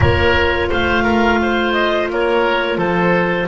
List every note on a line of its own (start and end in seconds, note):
0.00 0.70 A#3
0.00 3.47 F4
0.00 0.67 A#4
0.00 0.71 C#5
0.69 2.09 A3
0.69 1.03 C5
0.69 1.72 F5
1.03 1.38 A#4
1.42 2.11 C5
1.72 2.07 D#5
2.09 2.77 A#3
2.09 2.77 A#4
2.09 2.77 C#5
2.77 3.47 F3
2.77 3.47 A4
2.77 3.47 C5